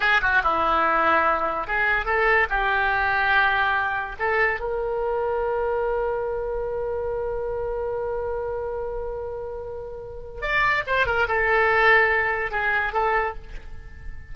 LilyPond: \new Staff \with { instrumentName = "oboe" } { \time 4/4 \tempo 4 = 144 gis'8 fis'8 e'2. | gis'4 a'4 g'2~ | g'2 a'4 ais'4~ | ais'1~ |
ais'1~ | ais'1~ | ais'4 d''4 c''8 ais'8 a'4~ | a'2 gis'4 a'4 | }